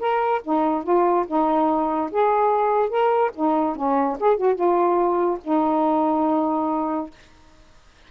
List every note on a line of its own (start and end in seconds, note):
0.00 0.42 A#4
0.44 0.84 D#4
0.84 1.25 F4
1.27 2.11 D#4
2.12 2.89 G#4
2.89 3.31 A#4
3.35 3.76 D#4
3.76 4.17 C#4
4.20 4.37 G#4
4.37 4.55 F#4
4.55 5.39 F4
5.44 7.11 D#4